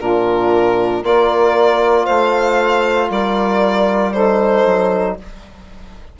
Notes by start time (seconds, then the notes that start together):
0.00 A#2 D4 F4 A#4
1.03 A#3 F4 A#4 D5
2.05 A3 C5 F5
3.10 G3 A#4 D5
4.13 D#4 A4 C5
4.66 F#3